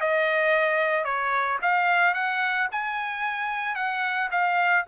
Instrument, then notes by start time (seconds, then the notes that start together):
trumpet
0.00 D#5
1.04 C#5
1.62 F5
2.14 F#5
2.71 G#5
3.75 F#5
4.31 F5